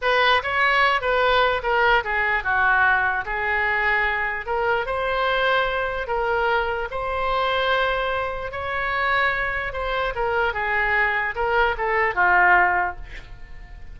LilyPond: \new Staff \with { instrumentName = "oboe" } { \time 4/4 \tempo 4 = 148 b'4 cis''4. b'4. | ais'4 gis'4 fis'2 | gis'2. ais'4 | c''2. ais'4~ |
ais'4 c''2.~ | c''4 cis''2. | c''4 ais'4 gis'2 | ais'4 a'4 f'2 | }